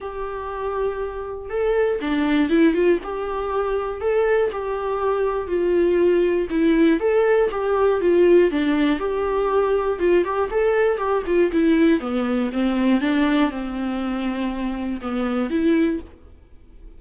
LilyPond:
\new Staff \with { instrumentName = "viola" } { \time 4/4 \tempo 4 = 120 g'2. a'4 | d'4 e'8 f'8 g'2 | a'4 g'2 f'4~ | f'4 e'4 a'4 g'4 |
f'4 d'4 g'2 | f'8 g'8 a'4 g'8 f'8 e'4 | b4 c'4 d'4 c'4~ | c'2 b4 e'4 | }